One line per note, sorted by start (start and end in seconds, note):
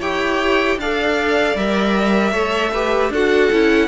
0.00 0.77 E4
0.00 0.79 G4
0.00 0.78 C#5
0.00 0.80 G5
0.77 1.55 D4
0.77 1.58 A4
0.77 2.33 D5
0.77 1.57 F5
1.56 2.32 G3
1.56 2.34 A#4
1.56 3.13 E5
2.32 3.10 A3
2.32 2.73 A4
2.32 2.72 C#5
2.73 3.13 G4
2.73 3.12 B4
3.10 3.49 D4
3.10 3.52 F#4
3.10 3.89 A4
3.10 3.89 F#5
3.52 3.89 C#4
3.52 3.89 E4